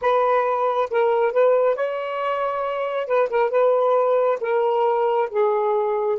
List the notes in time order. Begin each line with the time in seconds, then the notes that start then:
0.01 B4
0.90 A#4
1.32 B4
1.75 C#5
3.06 B4
3.29 A#4
3.50 B4
4.40 A#4
5.30 G#4